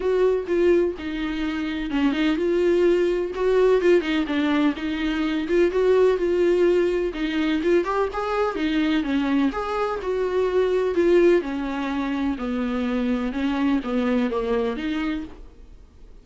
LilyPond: \new Staff \with { instrumentName = "viola" } { \time 4/4 \tempo 4 = 126 fis'4 f'4 dis'2 | cis'8 dis'8 f'2 fis'4 | f'8 dis'8 d'4 dis'4. f'8 | fis'4 f'2 dis'4 |
f'8 g'8 gis'4 dis'4 cis'4 | gis'4 fis'2 f'4 | cis'2 b2 | cis'4 b4 ais4 dis'4 | }